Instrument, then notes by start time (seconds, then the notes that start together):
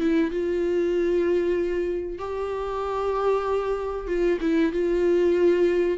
viola
0.00 E4
0.31 F4
2.18 G4
4.07 F4
4.41 E4
4.73 F4